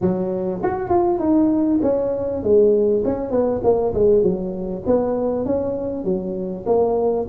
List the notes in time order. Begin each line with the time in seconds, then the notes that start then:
0.01 F#3
0.63 F#4
0.89 F4
1.19 D#4
1.82 C#4
2.43 G#3
3.05 C#4
3.30 B3
3.63 A#3
3.94 G#3
4.22 F#3
4.86 B3
5.45 C#4
6.04 F#3
6.66 A#3